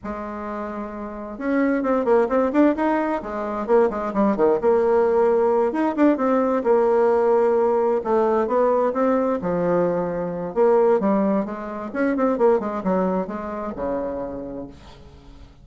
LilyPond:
\new Staff \with { instrumentName = "bassoon" } { \time 4/4 \tempo 4 = 131 gis2. cis'4 | c'8 ais8 c'8 d'8 dis'4 gis4 | ais8 gis8 g8 dis8 ais2~ | ais8 dis'8 d'8 c'4 ais4.~ |
ais4. a4 b4 c'8~ | c'8 f2~ f8 ais4 | g4 gis4 cis'8 c'8 ais8 gis8 | fis4 gis4 cis2 | }